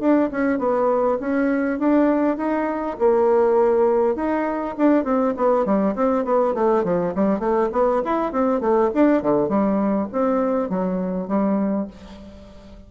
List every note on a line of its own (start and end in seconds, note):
0.00 0.30 D4
0.32 0.59 C#4
0.59 1.18 B3
1.20 1.79 C#4
1.79 2.37 D4
2.37 2.97 D#4
2.99 4.16 A#3
4.16 4.75 D#4
4.78 5.04 D4
5.04 5.34 C4
5.37 5.66 B3
5.66 5.95 G3
5.96 6.25 C4
6.25 6.55 B3
6.55 6.84 A3
6.84 7.14 F3
7.15 7.40 G3
7.40 7.70 A3
7.73 8.02 B3
8.05 8.32 E4
8.32 8.61 C4
8.61 8.91 A3
8.95 9.22 D4
9.22 9.49 D3
9.49 10.08 G3
10.13 10.70 C4
10.70 11.28 F#3
11.28 11.88 G3